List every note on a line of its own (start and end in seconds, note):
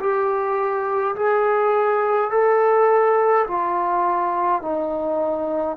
0.00 1.15 G4
1.16 2.31 G#4
2.31 3.46 A4
3.48 4.62 F4
4.62 5.77 D#4